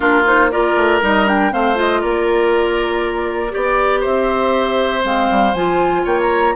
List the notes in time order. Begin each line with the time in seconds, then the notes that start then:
0.00 A#3 D4 F4 A#4
0.25 D#4 C5
0.51 F4 A#4 D5
0.75 A3
1.01 G3 D#4 D#5
1.26 D4 G5
1.51 A3 C4 C5 F5
1.75 F4 D#5
2.01 A#3 A#4 D5
3.50 B3 G4 D5
4.00 C4 C5 E5
5.03 G#3 C4 F5
5.30 G3
5.54 F3 F4 G#5
6.04 A#3 C#5 G5
6.20 A#5